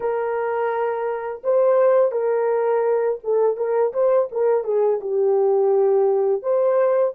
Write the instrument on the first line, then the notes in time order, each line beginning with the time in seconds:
horn
0.00 A#4
1.43 C5
2.11 A#4
3.23 A4
3.56 A#4
3.93 C5
4.31 A#4
4.64 G#4
5.00 G4
6.42 C5